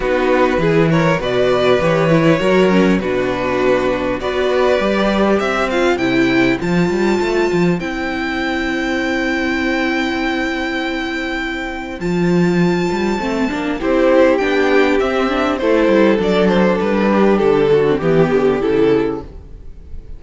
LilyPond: <<
  \new Staff \with { instrumentName = "violin" } { \time 4/4 \tempo 4 = 100 b'4. cis''8 d''4 cis''4~ | cis''4 b'2 d''4~ | d''4 e''8 f''8 g''4 a''4~ | a''4 g''2.~ |
g''1 | a''2. c''4 | g''4 e''4 c''4 d''8 c''8 | b'4 a'4 g'4 a'4 | }
  \new Staff \with { instrumentName = "violin" } { \time 4/4 fis'4 gis'8 ais'8 b'2 | ais'4 fis'2 b'4~ | b'4 c''2.~ | c''1~ |
c''1~ | c''2. g'4~ | g'2 a'2~ | a'8 g'4 fis'8 g'2 | }
  \new Staff \with { instrumentName = "viola" } { \time 4/4 dis'4 e'4 fis'4 g'8 e'8 | fis'8 cis'8 d'2 fis'4 | g'4. f'8 e'4 f'4~ | f'4 e'2.~ |
e'1 | f'2 c'8 d'8 e'4 | d'4 c'8 d'8 e'4 d'4~ | d'4.~ d'16 c'16 b4 e'4 | }
  \new Staff \with { instrumentName = "cello" } { \time 4/4 b4 e4 b,4 e4 | fis4 b,2 b4 | g4 c'4 c4 f8 g8 | a8 f8 c'2.~ |
c'1 | f4. g8 a8 ais8 c'4 | b4 c'4 a8 g8 fis4 | g4 d4 e8 d8 cis4 | }
>>